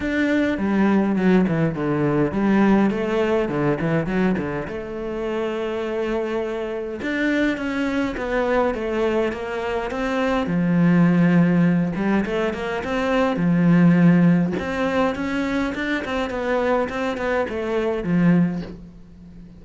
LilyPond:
\new Staff \with { instrumentName = "cello" } { \time 4/4 \tempo 4 = 103 d'4 g4 fis8 e8 d4 | g4 a4 d8 e8 fis8 d8 | a1 | d'4 cis'4 b4 a4 |
ais4 c'4 f2~ | f8 g8 a8 ais8 c'4 f4~ | f4 c'4 cis'4 d'8 c'8 | b4 c'8 b8 a4 f4 | }